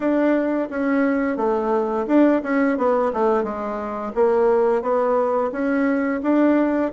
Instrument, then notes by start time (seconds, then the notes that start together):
bassoon
0.00 D4
0.70 C#4
1.36 A3
2.07 D4
2.43 C#4
2.77 B3
3.13 A3
3.43 G#3
4.14 A#3
4.82 B3
5.51 C#4
6.22 D4